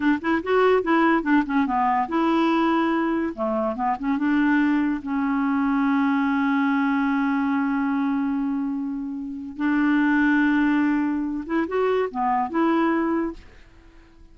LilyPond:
\new Staff \with { instrumentName = "clarinet" } { \time 4/4 \tempo 4 = 144 d'8 e'8 fis'4 e'4 d'8 cis'8 | b4 e'2. | a4 b8 cis'8 d'2 | cis'1~ |
cis'1~ | cis'2. d'4~ | d'2.~ d'8 e'8 | fis'4 b4 e'2 | }